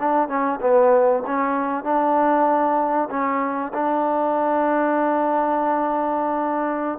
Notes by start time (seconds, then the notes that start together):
0.00 D4
0.29 C#4
0.61 B3
1.27 C#4
1.84 D4
3.10 C#4
3.74 D4